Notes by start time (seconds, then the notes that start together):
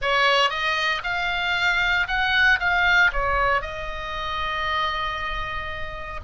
0.01 C#5
0.49 D#5
1.03 F5
2.07 F#5
2.59 F5
3.12 C#5
3.61 D#5